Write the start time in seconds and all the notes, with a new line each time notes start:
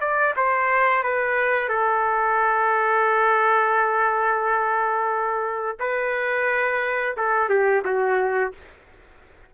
0.00 D5
0.36 C5
1.03 B4
1.68 A4
5.80 B4
7.17 A4
7.49 G4
7.84 F#4